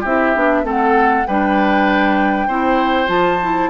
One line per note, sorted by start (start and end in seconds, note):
0.00 0.35 C4
0.00 0.35 E4
0.00 0.61 G4
0.00 0.66 E5
0.35 0.63 B3
0.35 0.63 D4
0.63 1.25 A3
0.63 1.25 C4
0.63 1.27 A4
0.63 1.26 F#5
1.26 2.48 G3
1.26 2.49 D4
1.26 2.47 B4
1.26 3.09 G5
2.47 3.08 C4
2.47 3.07 E4
2.47 3.70 C5
3.07 3.70 F3
3.07 3.37 F4
3.07 3.70 A5
3.42 3.70 E4